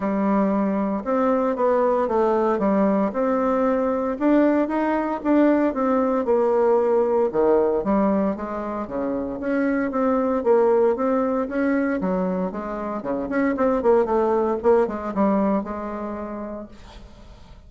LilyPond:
\new Staff \with { instrumentName = "bassoon" } { \time 4/4 \tempo 4 = 115 g2 c'4 b4 | a4 g4 c'2 | d'4 dis'4 d'4 c'4 | ais2 dis4 g4 |
gis4 cis4 cis'4 c'4 | ais4 c'4 cis'4 fis4 | gis4 cis8 cis'8 c'8 ais8 a4 | ais8 gis8 g4 gis2 | }